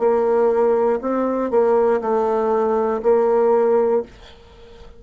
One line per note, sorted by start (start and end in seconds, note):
0.00 1.00 A#3
1.02 1.51 C4
1.51 2.01 A#3
2.01 3.01 A3
3.03 4.03 A#3